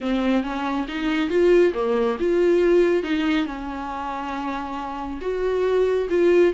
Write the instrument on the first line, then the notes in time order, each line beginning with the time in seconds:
viola
0.01 C4
0.43 C#4
0.88 D#4
1.29 F4
1.74 A#3
2.19 F4
3.03 D#4
3.46 C#4
5.21 F#4
6.09 F4